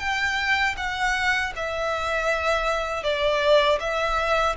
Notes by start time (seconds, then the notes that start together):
0.00 G5
0.77 F#5
1.56 E5
3.04 D5
3.80 E5